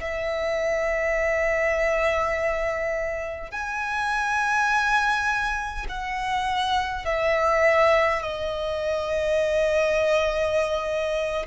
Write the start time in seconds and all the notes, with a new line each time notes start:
0.00 E5
3.51 G#5
5.89 F#5
7.05 E5
8.22 D#5